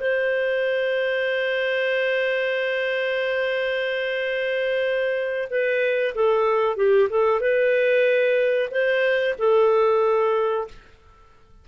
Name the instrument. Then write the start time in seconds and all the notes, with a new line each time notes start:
clarinet
0.00 C5
5.50 B4
6.15 A4
6.76 G4
7.09 A4
7.40 B4
8.71 C5
9.38 A4